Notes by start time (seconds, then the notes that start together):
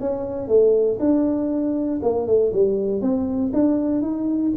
0.00 C#4
0.48 A3
0.99 D4
2.02 A#3
2.27 A3
2.53 G3
3.01 C4
3.53 D4
4.02 D#4